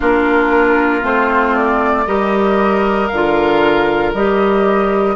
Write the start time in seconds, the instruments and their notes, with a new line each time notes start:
0.00 bassoon A#3, clarinet D4, oboe F4, flute A#4
1.02 bassoon A3, clarinet C4, flute C5
1.55 flute D5
2.06 bassoon G3, clarinet G4, oboe A#4, flute D#5
3.08 bassoon D3, flute F5
3.14 clarinet F4
4.13 bassoon G3, clarinet G4, flute D#5